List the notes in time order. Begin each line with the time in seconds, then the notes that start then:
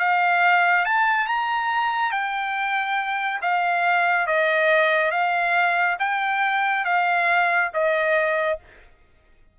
0.00 F5
0.86 A5
1.28 A#5
2.12 G5
3.42 F5
4.27 D#5
5.12 F5
6.00 G5
6.86 F5
7.74 D#5